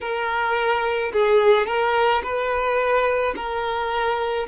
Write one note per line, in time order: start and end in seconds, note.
0.01 1.12 A#4
1.13 1.66 G#4
1.66 2.22 A#4
2.23 3.34 B4
3.35 4.46 A#4